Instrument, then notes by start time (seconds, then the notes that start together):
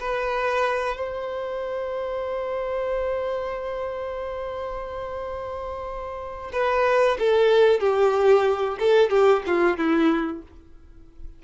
violin
0.00 B4
0.97 C5
6.52 B4
7.19 A4
7.80 G4
8.79 A4
9.10 G4
9.47 F4
9.77 E4